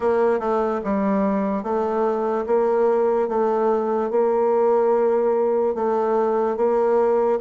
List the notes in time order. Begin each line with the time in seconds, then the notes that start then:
0.00 A#3
0.39 A3
0.84 G3
1.63 A3
2.46 A#3
3.28 A3
4.10 A#3
5.74 A3
6.56 A#3